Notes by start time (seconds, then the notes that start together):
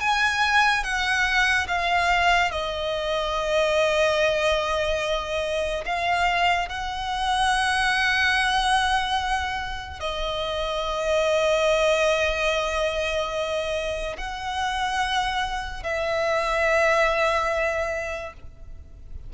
0.00 G#5
0.83 F#5
1.68 F5
2.51 D#5
5.85 F5
6.69 F#5
10.00 D#5
14.17 F#5
15.83 E5